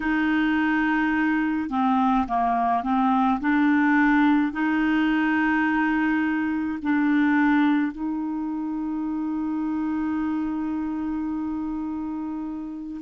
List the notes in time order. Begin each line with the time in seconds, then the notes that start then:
0.00 D#4
1.69 C4
2.27 A#3
2.83 C4
3.40 D4
4.52 D#4
6.82 D4
7.91 D#4